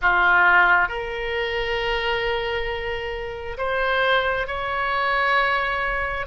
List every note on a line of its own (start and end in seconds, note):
0.01 0.88 F4
0.88 3.57 A#4
3.57 4.47 C5
4.47 6.26 C#5